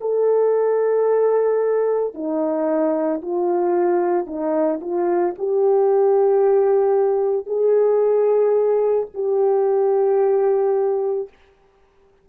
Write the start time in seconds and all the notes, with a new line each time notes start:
0.00 A4
2.14 D#4
3.21 F4
4.26 D#4
4.81 F4
5.38 G4
7.46 G#4
9.14 G4